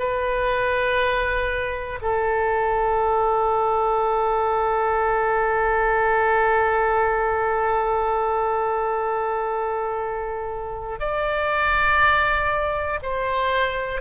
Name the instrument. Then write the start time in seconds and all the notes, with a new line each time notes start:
oboe
0.00 B4
2.02 A4
11.00 D5
13.03 C5